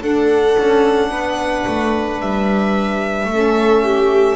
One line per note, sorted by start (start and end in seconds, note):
0.00 3.27 D4
0.00 0.56 D4
0.00 1.10 A4
0.00 2.20 F#5
0.58 1.10 C#4
1.10 1.65 B3
1.10 3.29 B4
1.67 2.21 A3
2.20 3.25 G3
2.20 4.36 E5
3.25 4.34 A3
3.25 4.36 C#4
3.32 3.83 A4
3.83 4.36 G4